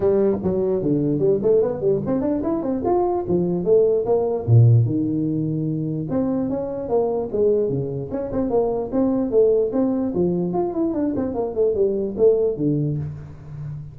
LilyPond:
\new Staff \with { instrumentName = "tuba" } { \time 4/4 \tempo 4 = 148 g4 fis4 d4 g8 a8 | b8 g8 c'8 d'8 e'8 c'8 f'4 | f4 a4 ais4 ais,4 | dis2. c'4 |
cis'4 ais4 gis4 cis4 | cis'8 c'8 ais4 c'4 a4 | c'4 f4 f'8 e'8 d'8 c'8 | ais8 a8 g4 a4 d4 | }